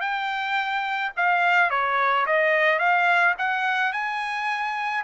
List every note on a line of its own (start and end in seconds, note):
0.00 1.11 G5
1.16 1.70 F5
1.70 2.26 C#5
2.26 2.79 D#5
2.79 3.34 F5
3.38 3.92 F#5
3.92 5.04 G#5